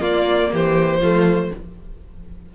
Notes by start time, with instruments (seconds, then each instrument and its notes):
0.00 cello A#3, viola A#3, violin F4 D5
0.53 cello E3, violin G4 C5
1.01 cello F3, viola A3, violin F4